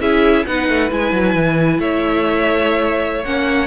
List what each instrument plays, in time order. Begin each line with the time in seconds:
0.00 cello C#4, viola E4, violin G#4 E5
0.46 cello B3, viola D#4, violin B4 F#5
0.68 cello A3
0.90 cello G#3, viola E4, violin G#5
1.12 cello F#3
1.34 cello E3
1.79 cello A3, violin C#5 E5
3.24 cello A#3, viola C#4, violin F#5